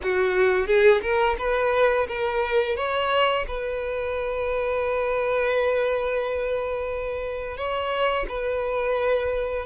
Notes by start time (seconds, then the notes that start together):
0.03 F#4
0.66 G#4
1.02 A#4
1.38 B4
2.08 A#4
2.76 C#5
3.47 B4
7.57 C#5
8.28 B4